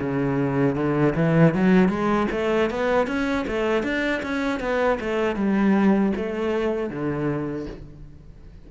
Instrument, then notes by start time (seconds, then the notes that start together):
cello
0.00 C#3
0.76 D3
1.16 E3
1.54 F#3
1.89 G#3
2.32 A3
2.70 B3
3.07 C#4
3.48 A3
3.84 D4
4.23 C#4
4.60 B3
5.00 A3
5.36 G3
6.16 A3
6.90 D3